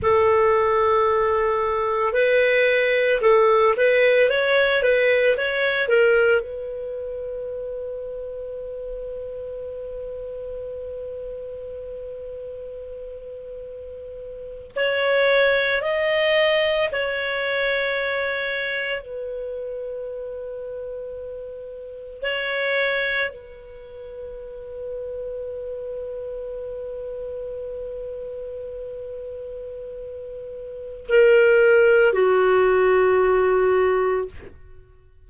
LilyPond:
\new Staff \with { instrumentName = "clarinet" } { \time 4/4 \tempo 4 = 56 a'2 b'4 a'8 b'8 | cis''8 b'8 cis''8 ais'8 b'2~ | b'1~ | b'4.~ b'16 cis''4 dis''4 cis''16~ |
cis''4.~ cis''16 b'2~ b'16~ | b'8. cis''4 b'2~ b'16~ | b'1~ | b'4 ais'4 fis'2 | }